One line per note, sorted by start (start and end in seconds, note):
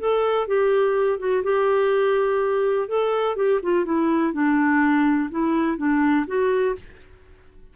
0.00 0.48 A4
0.48 1.19 G4
1.19 1.44 F#4
1.44 2.89 G4
2.89 3.37 A4
3.37 3.61 G4
3.63 3.86 F4
3.86 4.33 E4
4.33 5.30 D4
5.31 5.78 E4
5.78 6.26 D4
6.27 6.76 F#4